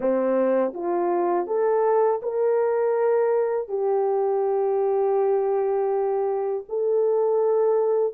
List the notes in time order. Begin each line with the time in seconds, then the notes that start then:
0.00 C4
0.73 F4
1.46 A4
2.22 A#4
3.68 G4
6.69 A4